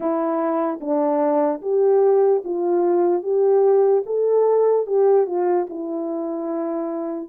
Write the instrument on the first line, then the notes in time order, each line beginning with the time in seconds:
horn
0.00 E4
0.80 D4
1.61 G4
2.44 F4
3.22 G4
4.06 A4
4.86 G4
5.26 F4
5.69 E4